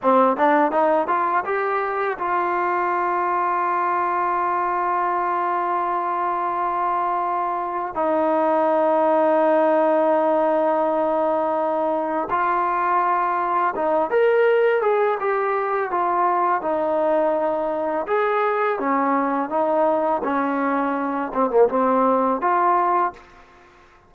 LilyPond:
\new Staff \with { instrumentName = "trombone" } { \time 4/4 \tempo 4 = 83 c'8 d'8 dis'8 f'8 g'4 f'4~ | f'1~ | f'2. dis'4~ | dis'1~ |
dis'4 f'2 dis'8 ais'8~ | ais'8 gis'8 g'4 f'4 dis'4~ | dis'4 gis'4 cis'4 dis'4 | cis'4. c'16 ais16 c'4 f'4 | }